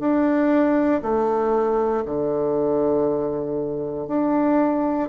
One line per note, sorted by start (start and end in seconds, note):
0.00 1.02 D4
1.02 2.04 A3
2.06 4.08 D3
4.08 5.09 D4